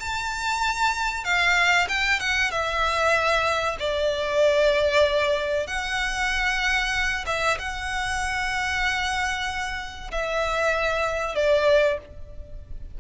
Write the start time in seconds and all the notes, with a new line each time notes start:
0.00 A5
1.24 F5
1.89 G5
2.20 F#5
2.51 E5
3.80 D5
5.67 F#5
7.26 E5
7.58 F#5
10.11 E5
11.35 D5